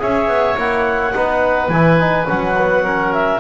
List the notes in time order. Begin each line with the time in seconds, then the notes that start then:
0.00 C#4 G#4 C#5 E5
0.28 B3
0.57 A#3 E4 F#5
1.14 B3 D#4 B4
1.69 E3 E4 G#5
2.00 D#4
2.27 F#3 C#4 F#5
2.59 B3
2.85 C#4 A#4
3.14 E5